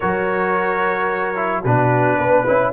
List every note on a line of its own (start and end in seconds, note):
0.00 1.64 F#3
0.00 1.35 F#4
0.00 1.61 A#4
0.00 1.64 C#5
1.35 1.62 E4
1.61 2.18 B2
1.61 2.46 D4
1.61 2.16 F#4
1.61 2.72 B4
2.17 2.45 B3
2.17 2.72 B4
2.46 2.72 C#4
2.46 2.72 E4